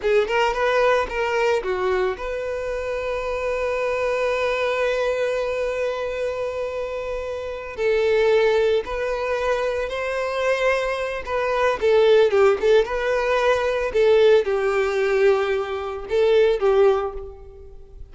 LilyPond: \new Staff \with { instrumentName = "violin" } { \time 4/4 \tempo 4 = 112 gis'8 ais'8 b'4 ais'4 fis'4 | b'1~ | b'1~ | b'2~ b'8 a'4.~ |
a'8 b'2 c''4.~ | c''4 b'4 a'4 g'8 a'8 | b'2 a'4 g'4~ | g'2 a'4 g'4 | }